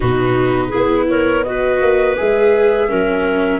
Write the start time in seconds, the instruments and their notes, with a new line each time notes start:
0.00 tuba B2, viola D#4, clarinet F#4, flute B4
0.68 tuba B3, viola E4, clarinet G#4
1.08 clarinet A#4, flute C#5
1.43 viola F#4, clarinet B4, flute D#5
1.81 tuba A#3
2.16 tuba G#3, viola G#4, flute E5
2.88 tuba F#3, viola C#4, clarinet A#4